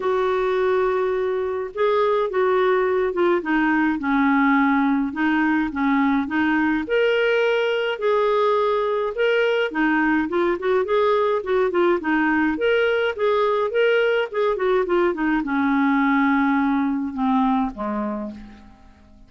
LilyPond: \new Staff \with { instrumentName = "clarinet" } { \time 4/4 \tempo 4 = 105 fis'2. gis'4 | fis'4. f'8 dis'4 cis'4~ | cis'4 dis'4 cis'4 dis'4 | ais'2 gis'2 |
ais'4 dis'4 f'8 fis'8 gis'4 | fis'8 f'8 dis'4 ais'4 gis'4 | ais'4 gis'8 fis'8 f'8 dis'8 cis'4~ | cis'2 c'4 gis4 | }